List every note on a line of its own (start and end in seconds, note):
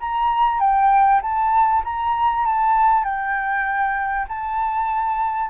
0.00 0.60 A#5
0.60 1.21 G5
1.22 1.83 A5
1.84 2.45 A#5
2.46 3.04 A5
3.04 4.26 G5
4.28 5.50 A5